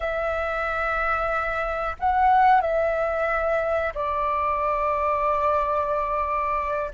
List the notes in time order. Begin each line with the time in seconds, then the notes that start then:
0.00 E5
1.99 F#5
2.61 E5
3.94 D5